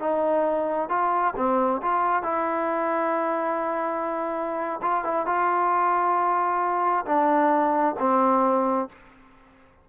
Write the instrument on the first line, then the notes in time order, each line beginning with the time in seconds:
trombone
0.00 D#4
0.90 F4
1.37 C4
1.83 F4
2.23 E4
4.82 F4
5.05 E4
5.26 F4
7.06 D4
8.00 C4